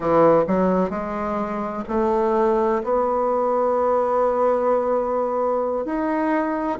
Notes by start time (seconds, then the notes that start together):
0.00 E3
0.47 F#3
0.89 G#3
1.88 A3
2.83 B3
5.85 D#4